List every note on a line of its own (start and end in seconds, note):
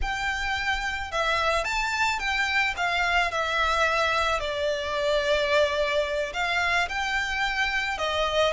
0.01 1.11 G5
1.11 1.64 E5
1.64 2.19 A5
2.19 2.74 G5
2.76 3.31 F5
3.31 4.40 E5
4.40 6.33 D5
6.33 6.88 F5
6.88 7.97 G5
7.97 8.52 D#5